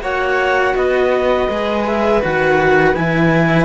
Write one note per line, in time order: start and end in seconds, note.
0.00 0.73 A#3
0.00 1.47 F#4
0.00 0.75 C#5
0.00 0.75 F#5
0.75 1.48 B3
0.75 3.64 B4
0.75 1.85 D#5
1.49 2.22 G#3
1.49 2.21 G#4
1.85 2.22 E5
2.21 2.95 D#3
2.21 2.94 F#4
2.21 2.94 F#5
2.94 3.64 E3
2.94 3.64 E4
2.94 3.64 G#5